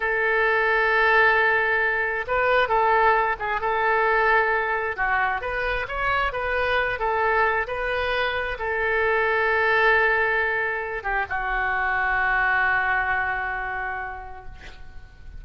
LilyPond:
\new Staff \with { instrumentName = "oboe" } { \time 4/4 \tempo 4 = 133 a'1~ | a'4 b'4 a'4. gis'8 | a'2. fis'4 | b'4 cis''4 b'4. a'8~ |
a'4 b'2 a'4~ | a'1~ | a'8 g'8 fis'2.~ | fis'1 | }